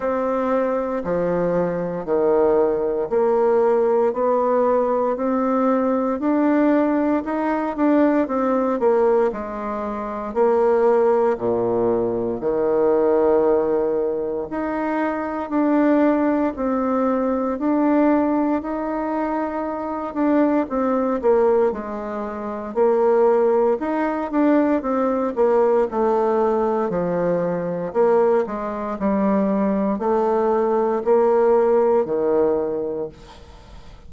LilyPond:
\new Staff \with { instrumentName = "bassoon" } { \time 4/4 \tempo 4 = 58 c'4 f4 dis4 ais4 | b4 c'4 d'4 dis'8 d'8 | c'8 ais8 gis4 ais4 ais,4 | dis2 dis'4 d'4 |
c'4 d'4 dis'4. d'8 | c'8 ais8 gis4 ais4 dis'8 d'8 | c'8 ais8 a4 f4 ais8 gis8 | g4 a4 ais4 dis4 | }